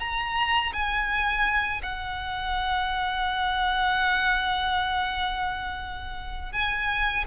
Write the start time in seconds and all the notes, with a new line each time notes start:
0.00 A#5
0.73 G#5
1.83 F#5
6.53 G#5